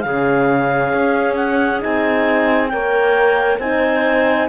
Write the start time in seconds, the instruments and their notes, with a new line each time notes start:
0.00 cello C#3, horn C#4, clarinet G#4 F5
0.94 cello C#4
1.35 clarinet F#5
1.79 horn D#4, clarinet G#5
1.85 cello C4
2.68 cello A#3, horn A#4, clarinet C#5 G5
3.59 cello C4, horn D#4, clarinet C5 G#5